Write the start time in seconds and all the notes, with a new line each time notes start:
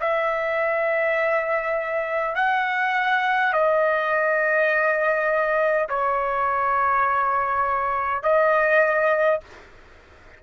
0.00 E5
2.35 F#5
3.53 D#5
5.89 C#5
8.23 D#5